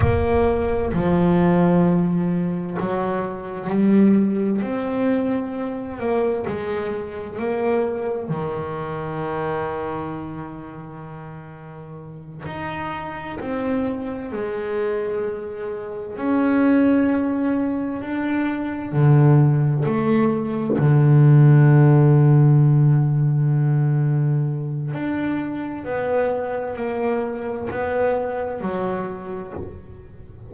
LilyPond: \new Staff \with { instrumentName = "double bass" } { \time 4/4 \tempo 4 = 65 ais4 f2 fis4 | g4 c'4. ais8 gis4 | ais4 dis2.~ | dis4. dis'4 c'4 gis8~ |
gis4. cis'2 d'8~ | d'8 d4 a4 d4.~ | d2. d'4 | b4 ais4 b4 fis4 | }